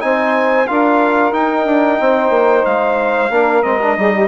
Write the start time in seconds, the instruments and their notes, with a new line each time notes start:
0.00 bassoon C4, trombone D#4, saxophone C5, trumpet G#5
0.67 bassoon D4, trombone F4, saxophone A#4, trumpet F5
1.33 trombone D#4, bassoon D#4, trumpet G5
1.66 bassoon D4
2.00 bassoon C4, saxophone C5
2.30 bassoon A#3
2.66 bassoon G#3, trumpet F5
3.30 bassoon A#3, trombone D4, saxophone A#4
3.63 bassoon G#3, trombone C4, trumpet D#5
3.82 trombone D4
3.97 bassoon G3, trombone D#4, saxophone G#4
4.14 saxophone G4